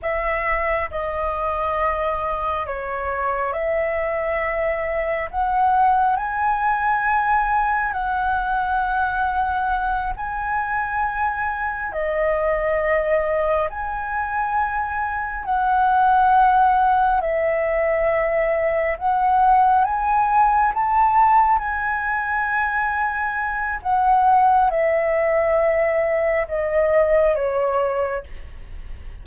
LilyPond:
\new Staff \with { instrumentName = "flute" } { \time 4/4 \tempo 4 = 68 e''4 dis''2 cis''4 | e''2 fis''4 gis''4~ | gis''4 fis''2~ fis''8 gis''8~ | gis''4. dis''2 gis''8~ |
gis''4. fis''2 e''8~ | e''4. fis''4 gis''4 a''8~ | a''8 gis''2~ gis''8 fis''4 | e''2 dis''4 cis''4 | }